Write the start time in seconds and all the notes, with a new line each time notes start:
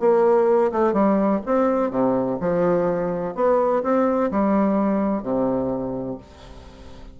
0.00 A#3
0.72 A3
0.93 G3
1.46 C4
1.91 C3
2.40 F3
3.35 B3
3.83 C4
4.31 G3
5.23 C3